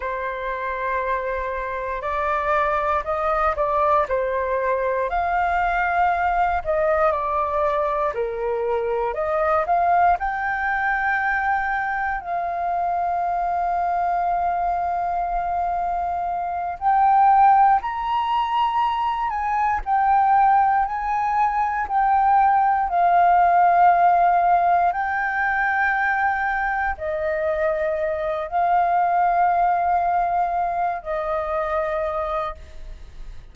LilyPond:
\new Staff \with { instrumentName = "flute" } { \time 4/4 \tempo 4 = 59 c''2 d''4 dis''8 d''8 | c''4 f''4. dis''8 d''4 | ais'4 dis''8 f''8 g''2 | f''1~ |
f''8 g''4 ais''4. gis''8 g''8~ | g''8 gis''4 g''4 f''4.~ | f''8 g''2 dis''4. | f''2~ f''8 dis''4. | }